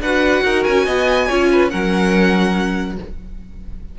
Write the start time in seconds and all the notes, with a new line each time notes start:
0.00 D4 F#4 B4 F#5
0.44 D#4 A#4
0.63 C#4 G#5
0.85 B3 D#5
1.27 C#4 F4 C#5
1.52 B4
1.70 F#3 C#4 A#4 F#5